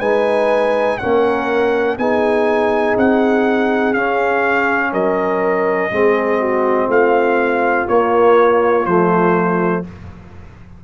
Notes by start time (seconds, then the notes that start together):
0.00 G#3 D#4 B4 G#5
0.98 C#4 A#4 F#5
1.04 A#3
1.98 B3 D#4 G#4 G#5
2.97 C4 F#5
3.94 C#4 F5
4.92 F#3 A#4 D#5
5.92 G#3 C4 G#4
6.40 F#4
6.87 A3 F4 F5
7.88 A#3 C#5
8.86 F3 A3 C5